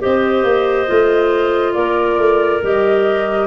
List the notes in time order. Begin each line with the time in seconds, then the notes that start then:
0.00 C4 G4 C5 D#5
0.43 A#3
0.87 A3 F4
1.74 A#3 A#4 D5
2.18 A3
2.62 G3 G4 D#5